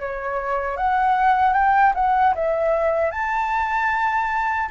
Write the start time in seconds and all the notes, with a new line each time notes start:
0.00 C#5
0.77 F#5
1.54 G5
1.94 F#5
2.35 E5
3.11 A5